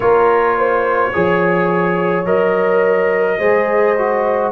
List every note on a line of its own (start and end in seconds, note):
0.00 1.11 A#3
0.00 1.12 F4
0.00 0.58 A#4
0.00 2.25 C#5
0.58 1.14 C5
1.13 2.25 F3
1.13 2.25 G#4
1.13 3.38 C#5
2.25 3.38 F#3
2.25 3.38 A#4
2.25 4.52 D#5
3.38 4.52 G#3
3.38 3.95 G#4
3.38 4.52 C5
3.98 4.52 F#4